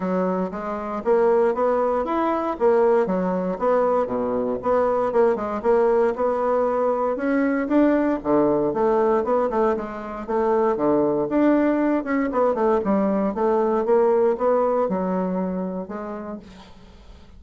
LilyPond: \new Staff \with { instrumentName = "bassoon" } { \time 4/4 \tempo 4 = 117 fis4 gis4 ais4 b4 | e'4 ais4 fis4 b4 | b,4 b4 ais8 gis8 ais4 | b2 cis'4 d'4 |
d4 a4 b8 a8 gis4 | a4 d4 d'4. cis'8 | b8 a8 g4 a4 ais4 | b4 fis2 gis4 | }